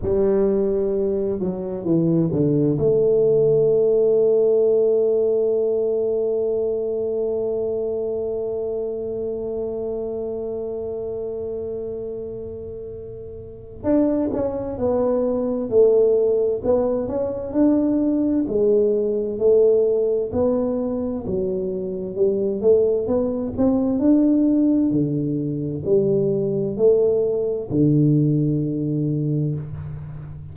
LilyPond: \new Staff \with { instrumentName = "tuba" } { \time 4/4 \tempo 4 = 65 g4. fis8 e8 d8 a4~ | a1~ | a1~ | a2. d'8 cis'8 |
b4 a4 b8 cis'8 d'4 | gis4 a4 b4 fis4 | g8 a8 b8 c'8 d'4 d4 | g4 a4 d2 | }